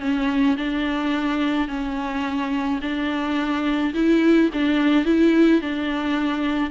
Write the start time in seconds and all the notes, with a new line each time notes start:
0.00 C#4
0.57 D4
1.68 C#4
2.81 D4
3.94 E4
4.53 D4
5.05 E4
5.61 D4